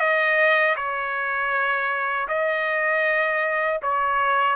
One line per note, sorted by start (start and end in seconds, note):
0.00 0.76 D#5
0.77 2.29 C#5
2.29 3.80 D#5
3.83 4.56 C#5